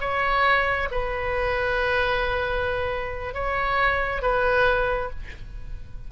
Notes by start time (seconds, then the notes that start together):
0.00 C#5
0.91 B4
3.33 C#5
4.22 B4